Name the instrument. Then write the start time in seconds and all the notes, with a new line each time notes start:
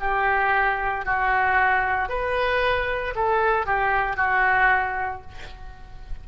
oboe
0.00 G4
1.05 F#4
2.09 B4
3.15 A4
3.66 G4
4.17 F#4